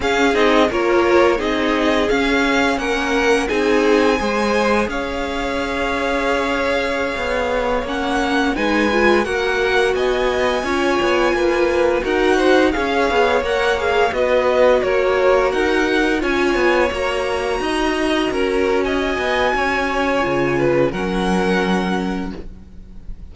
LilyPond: <<
  \new Staff \with { instrumentName = "violin" } { \time 4/4 \tempo 4 = 86 f''8 dis''8 cis''4 dis''4 f''4 | fis''4 gis''2 f''4~ | f''2.~ f''16 fis''8.~ | fis''16 gis''4 fis''4 gis''4.~ gis''16~ |
gis''4~ gis''16 fis''4 f''4 fis''8 f''16~ | f''16 dis''4 cis''4 fis''4 gis''8.~ | gis''16 ais''2~ ais''8. gis''4~ | gis''2 fis''2 | }
  \new Staff \with { instrumentName = "violin" } { \time 4/4 gis'4 ais'4 gis'2 | ais'4 gis'4 c''4 cis''4~ | cis''1~ | cis''16 b'4 ais'4 dis''4 cis''8.~ |
cis''16 b'4 ais'8 c''8 cis''4.~ cis''16~ | cis''16 b'4 ais'2 cis''8.~ | cis''4~ cis''16 dis''4 ais'8. dis''4 | cis''4. b'8 ais'2 | }
  \new Staff \with { instrumentName = "viola" } { \time 4/4 cis'8 dis'8 f'4 dis'4 cis'4~ | cis'4 dis'4 gis'2~ | gis'2.~ gis'16 cis'8.~ | cis'16 dis'8 f'8 fis'2 f'8.~ |
f'4~ f'16 fis'4 gis'4 ais'8 gis'16~ | gis'16 fis'2. f'8.~ | f'16 fis'2.~ fis'8.~ | fis'4 f'4 cis'2 | }
  \new Staff \with { instrumentName = "cello" } { \time 4/4 cis'8 c'8 ais4 c'4 cis'4 | ais4 c'4 gis4 cis'4~ | cis'2~ cis'16 b4 ais8.~ | ais16 gis4 ais4 b4 cis'8 b16~ |
b16 ais4 dis'4 cis'8 b8 ais8.~ | ais16 b4 ais4 dis'4 cis'8 b16~ | b16 ais4 dis'4 cis'4~ cis'16 b8 | cis'4 cis4 fis2 | }
>>